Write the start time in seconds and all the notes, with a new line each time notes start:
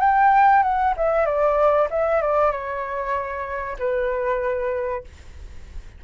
0.00 G5
0.63 F#5
0.97 E5
1.25 D5
1.90 E5
2.21 D5
2.52 C#5
3.79 B4